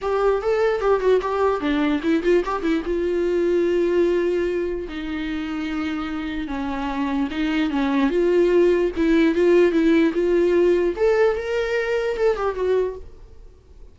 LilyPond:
\new Staff \with { instrumentName = "viola" } { \time 4/4 \tempo 4 = 148 g'4 a'4 g'8 fis'8 g'4 | d'4 e'8 f'8 g'8 e'8 f'4~ | f'1 | dis'1 |
cis'2 dis'4 cis'4 | f'2 e'4 f'4 | e'4 f'2 a'4 | ais'2 a'8 g'8 fis'4 | }